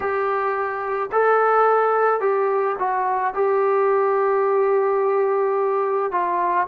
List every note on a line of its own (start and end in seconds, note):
0.00 1.10 G4
1.12 2.20 A4
2.20 2.76 G4
2.78 3.34 F#4
3.34 6.11 G4
6.11 6.67 F4